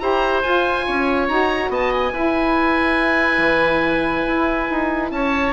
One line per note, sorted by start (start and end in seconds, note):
0.00 0.44 E4
0.00 0.43 G4
0.00 0.87 C5
0.00 0.43 A#5
0.43 0.87 F4
0.43 1.29 F4
0.43 1.28 G#5
0.87 1.29 C#4
0.87 1.71 C#5
1.29 1.70 D#4
1.29 2.13 F#4
1.29 1.72 A#5
1.70 2.12 B3
1.70 2.13 D#5
1.70 1.94 A5
1.94 5.12 G#5
2.13 3.38 E4
2.13 5.53 E4
2.13 5.11 B4
3.38 4.23 E3
4.28 4.70 E4
4.70 5.11 D#4
5.11 5.53 C#4
5.11 5.53 C#5
5.11 5.53 A5